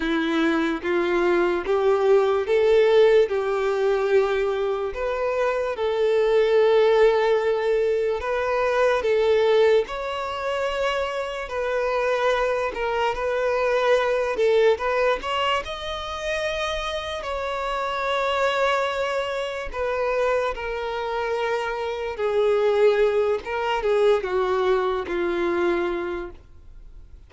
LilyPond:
\new Staff \with { instrumentName = "violin" } { \time 4/4 \tempo 4 = 73 e'4 f'4 g'4 a'4 | g'2 b'4 a'4~ | a'2 b'4 a'4 | cis''2 b'4. ais'8 |
b'4. a'8 b'8 cis''8 dis''4~ | dis''4 cis''2. | b'4 ais'2 gis'4~ | gis'8 ais'8 gis'8 fis'4 f'4. | }